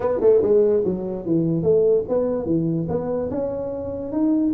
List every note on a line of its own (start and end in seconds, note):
0.00 0.20 B3
0.21 0.41 A3
0.42 0.83 G#3
0.84 1.25 F#3
1.25 1.63 E3
1.63 2.04 A3
2.08 2.45 B3
2.45 2.86 E3
2.88 3.29 B3
3.30 4.12 C#4
4.12 4.53 D#4